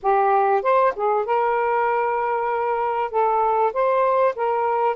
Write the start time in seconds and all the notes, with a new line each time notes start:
0.02 G4
0.62 C5
0.95 G#4
1.25 A#4
3.10 A4
3.73 C5
4.35 A#4